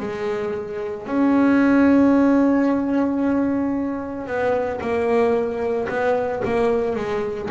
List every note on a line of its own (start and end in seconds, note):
0.00 1.07 G#3
1.07 4.27 C#4
4.27 4.80 B3
4.81 5.88 A#3
5.89 6.42 B3
6.45 6.96 A#3
6.96 7.50 G#3